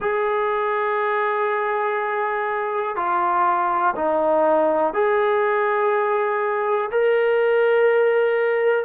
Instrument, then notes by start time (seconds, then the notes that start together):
trombone
0.00 G#4
2.96 F4
3.95 D#4
4.93 G#4
6.91 A#4